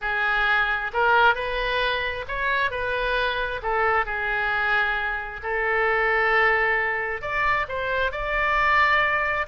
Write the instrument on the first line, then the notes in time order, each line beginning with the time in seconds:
oboe
0.01 G#4
0.93 A#4
1.35 B4
2.28 C#5
2.70 B4
3.62 A4
4.05 G#4
5.43 A4
7.21 D5
7.68 C5
8.11 D5